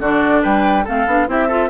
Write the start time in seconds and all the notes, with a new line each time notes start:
0.00 D3 D4 F#4 D5
0.43 G3 B4 G5
0.85 A3 C4 A4 F5
1.07 B3 D4
1.28 C4 E4 G4 E5
1.48 F4 A4